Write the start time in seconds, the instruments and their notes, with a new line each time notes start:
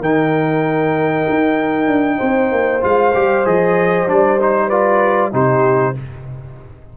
0.00 tuba D#3, trombone D#4, horn A#4, trumpet G5
1.29 tuba D#4
1.87 tuba D4
2.17 tuba C4, horn C5
2.52 tuba A#3
2.81 tuba G#3, trombone F4, trumpet F5
3.14 tuba G3, trombone G4
3.45 tuba F3, trombone G#4, trumpet D#5
4.07 tuba G3, trombone D4, trumpet D5
4.40 trombone D#4, trumpet C5
4.67 trombone F4, horn B4, trumpet D5
5.32 tuba C3, trombone D#4, horn G4, trumpet C5